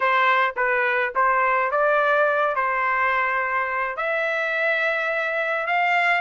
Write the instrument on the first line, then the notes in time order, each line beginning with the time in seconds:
trumpet
0.00 C5
0.56 B4
1.15 C5
1.71 D5
2.55 C5
3.96 E5
5.67 F5